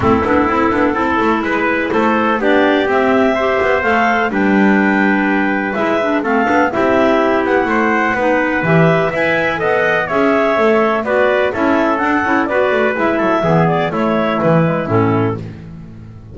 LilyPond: <<
  \new Staff \with { instrumentName = "clarinet" } { \time 4/4 \tempo 4 = 125 a'2. b'4 | c''4 d''4 e''2 | f''4 g''2. | e''4 f''4 e''4. fis''8~ |
fis''2 e''4 gis''4 | fis''4 e''2 d''4 | e''4 fis''4 d''4 e''4~ | e''8 d''8 cis''4 b'4 a'4 | }
  \new Staff \with { instrumentName = "trumpet" } { \time 4/4 e'2 a'4 b'4 | a'4 g'2 c''4~ | c''4 b'2.~ | b'4 a'4 g'2 |
c''4 b'2 e''4 | dis''4 cis''2 b'4 | a'2 b'4. a'8 | gis'4 e'2. | }
  \new Staff \with { instrumentName = "clarinet" } { \time 4/4 c'8 d'8 e'8 d'8 e'2~ | e'4 d'4 c'4 g'4 | a'4 d'2. | e'8 d'8 c'8 d'8 e'2~ |
e'4 dis'4 g'4 b'4 | a'4 gis'4 a'4 fis'4 | e'4 d'8 e'8 fis'4 e'4 | b4 a4. gis8 cis'4 | }
  \new Staff \with { instrumentName = "double bass" } { \time 4/4 a8 b8 c'8 b8 c'8 a8 gis4 | a4 b4 c'4. b8 | a4 g2. | gis4 a8 b8 c'4. b8 |
a4 b4 e4 e'4 | b4 cis'4 a4 b4 | cis'4 d'8 cis'8 b8 a8 gis8 fis8 | e4 a4 e4 a,4 | }
>>